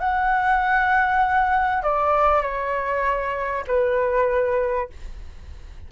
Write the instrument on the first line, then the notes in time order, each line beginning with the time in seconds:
flute
0.00 F#5
1.83 D5
2.42 C#5
3.67 B4